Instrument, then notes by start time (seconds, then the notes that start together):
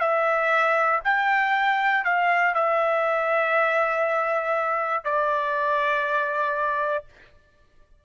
trumpet
0.00 E5
1.04 G5
2.04 F5
2.54 E5
5.05 D5